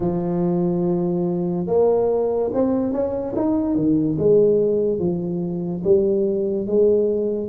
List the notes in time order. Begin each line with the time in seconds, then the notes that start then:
0.00 F3
1.67 A#3
2.53 C4
2.92 C#4
3.35 D#4
3.75 D#3
4.18 G#3
4.99 F3
5.84 G3
6.66 G#3